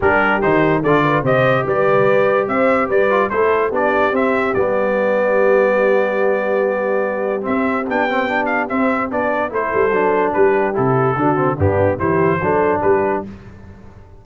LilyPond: <<
  \new Staff \with { instrumentName = "trumpet" } { \time 4/4 \tempo 4 = 145 ais'4 c''4 d''4 dis''4 | d''2 e''4 d''4 | c''4 d''4 e''4 d''4~ | d''1~ |
d''2 e''4 g''4~ | g''8 f''8 e''4 d''4 c''4~ | c''4 b'4 a'2 | g'4 c''2 b'4 | }
  \new Staff \with { instrumentName = "horn" } { \time 4/4 g'2 a'8 b'8 c''4 | b'2 c''4 b'4 | a'4 g'2.~ | g'1~ |
g'1~ | g'2. a'4~ | a'4 g'2 fis'4 | d'4 g'4 a'4 g'4 | }
  \new Staff \with { instrumentName = "trombone" } { \time 4/4 d'4 dis'4 f'4 g'4~ | g'2.~ g'8 f'8 | e'4 d'4 c'4 b4~ | b1~ |
b2 c'4 d'8 c'8 | d'4 c'4 d'4 e'4 | d'2 e'4 d'8 c'8 | b4 e'4 d'2 | }
  \new Staff \with { instrumentName = "tuba" } { \time 4/4 g4 dis4 d4 c4 | g2 c'4 g4 | a4 b4 c'4 g4~ | g1~ |
g2 c'4 b4~ | b4 c'4 b4 a8 g8 | fis4 g4 c4 d4 | g,4 e4 fis4 g4 | }
>>